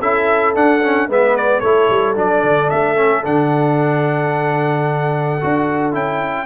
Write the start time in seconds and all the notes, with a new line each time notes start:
0.00 C#4 E4 A4 E5
0.55 D4 F#5
0.83 C#4
1.08 G#3 B3 B4 E5
1.36 D5
1.60 A3 E4 A4 C#5
1.90 G3
2.15 F#3 D4 D5
2.43 D3
2.70 A3 E5
2.96 C#4
3.24 D3 D4 F#5
5.41 D4 F#4
5.93 C#4 E4 G5